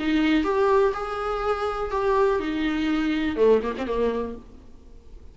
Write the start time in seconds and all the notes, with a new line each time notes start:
0.00 D#4
0.44 G4
0.94 G#4
1.92 G4
2.40 D#4
3.37 A3
3.63 A#3
3.78 C4
3.87 A#3